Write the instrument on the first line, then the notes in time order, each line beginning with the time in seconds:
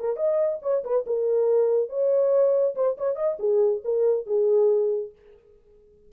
horn
0.00 A#4
0.17 D#5
0.63 C#5
0.84 B4
1.07 A#4
1.90 C#5
2.76 C5
2.98 C#5
3.16 D#5
3.40 G#4
3.85 A#4
4.27 G#4